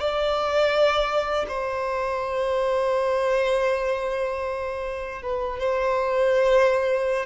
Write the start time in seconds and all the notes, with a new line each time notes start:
0.00 D5
1.48 C5
5.22 B4
5.59 C5